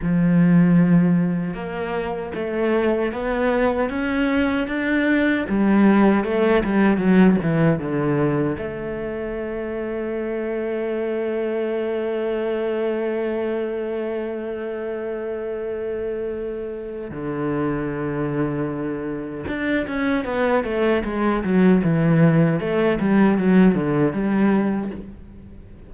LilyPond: \new Staff \with { instrumentName = "cello" } { \time 4/4 \tempo 4 = 77 f2 ais4 a4 | b4 cis'4 d'4 g4 | a8 g8 fis8 e8 d4 a4~ | a1~ |
a1~ | a2 d2~ | d4 d'8 cis'8 b8 a8 gis8 fis8 | e4 a8 g8 fis8 d8 g4 | }